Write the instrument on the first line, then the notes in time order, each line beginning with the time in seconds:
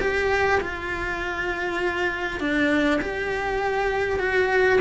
cello
0.00 G4
0.60 F4
2.39 D4
3.01 G4
4.19 F#4